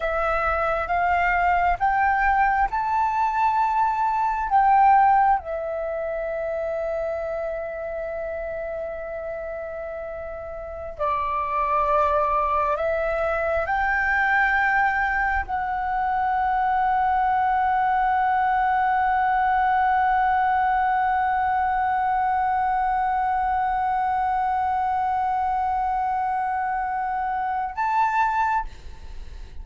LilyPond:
\new Staff \with { instrumentName = "flute" } { \time 4/4 \tempo 4 = 67 e''4 f''4 g''4 a''4~ | a''4 g''4 e''2~ | e''1~ | e''16 d''2 e''4 g''8.~ |
g''4~ g''16 fis''2~ fis''8.~ | fis''1~ | fis''1~ | fis''2. a''4 | }